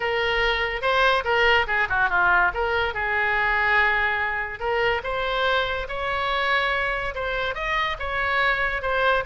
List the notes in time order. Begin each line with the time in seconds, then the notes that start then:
0.00 A#4
0.81 C5
1.24 A#4
1.67 G#4
1.89 F#4
2.09 F4
2.54 A#4
2.94 G#4
4.59 A#4
5.03 C5
5.88 C#5
7.14 C5
7.54 D#5
7.99 C#5
8.81 C5